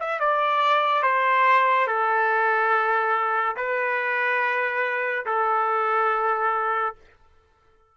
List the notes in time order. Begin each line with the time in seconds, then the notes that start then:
0.00 E5
0.20 D5
1.03 C5
1.87 A4
3.57 B4
5.26 A4